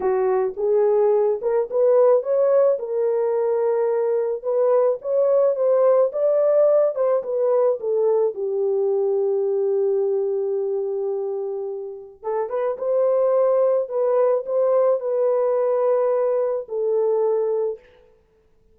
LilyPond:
\new Staff \with { instrumentName = "horn" } { \time 4/4 \tempo 4 = 108 fis'4 gis'4. ais'8 b'4 | cis''4 ais'2. | b'4 cis''4 c''4 d''4~ | d''8 c''8 b'4 a'4 g'4~ |
g'1~ | g'2 a'8 b'8 c''4~ | c''4 b'4 c''4 b'4~ | b'2 a'2 | }